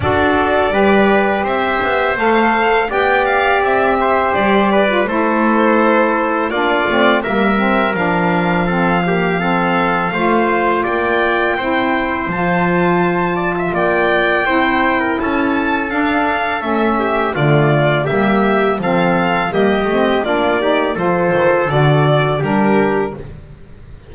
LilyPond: <<
  \new Staff \with { instrumentName = "violin" } { \time 4/4 \tempo 4 = 83 d''2 e''4 f''4 | g''8 f''8 e''4 d''4 c''4~ | c''4 d''4 e''4 f''4~ | f''2. g''4~ |
g''4 a''2 g''4~ | g''4 a''4 f''4 e''4 | d''4 e''4 f''4 dis''4 | d''4 c''4 d''4 ais'4 | }
  \new Staff \with { instrumentName = "trumpet" } { \time 4/4 a'4 b'4 c''2 | d''4. c''4 b'8 a'4~ | a'4 f'4 ais'2 | a'8 g'8 a'4 c''4 d''4 |
c''2~ c''8 d''16 e''16 d''4 | c''8. ais'16 a'2~ a'8 g'8 | f'4 g'4 a'4 g'4 | f'8 g'8 a'2 g'4 | }
  \new Staff \with { instrumentName = "saxophone" } { \time 4/4 fis'4 g'2 a'4 | g'2~ g'8. f'16 e'4~ | e'4 d'8 c'8 ais8 c'8 d'4 | c'8 ais8 c'4 f'2 |
e'4 f'2. | e'2 d'4 cis'4 | a4 ais4 c'4 ais8 c'8 | d'8 dis'8 f'4 fis'4 d'4 | }
  \new Staff \with { instrumentName = "double bass" } { \time 4/4 d'4 g4 c'8 b8 a4 | b4 c'4 g4 a4~ | a4 ais8 a8 g4 f4~ | f2 a4 ais4 |
c'4 f2 ais4 | c'4 cis'4 d'4 a4 | d4 g4 f4 g8 a8 | ais4 f8 dis8 d4 g4 | }
>>